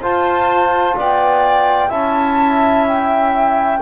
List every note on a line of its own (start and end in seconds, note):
0.00 0.95 F4
0.00 1.90 F4
0.00 0.95 C5
0.00 0.98 A5
0.97 1.91 B3
0.97 1.88 D5
0.97 1.91 G5
1.88 3.81 C#4
1.88 3.81 E4
1.88 3.79 E5
1.88 2.86 A5
2.88 3.82 G5